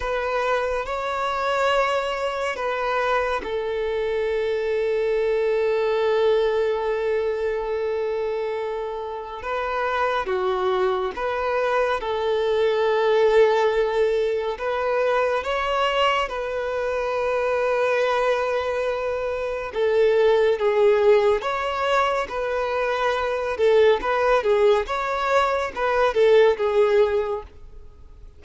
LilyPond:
\new Staff \with { instrumentName = "violin" } { \time 4/4 \tempo 4 = 70 b'4 cis''2 b'4 | a'1~ | a'2. b'4 | fis'4 b'4 a'2~ |
a'4 b'4 cis''4 b'4~ | b'2. a'4 | gis'4 cis''4 b'4. a'8 | b'8 gis'8 cis''4 b'8 a'8 gis'4 | }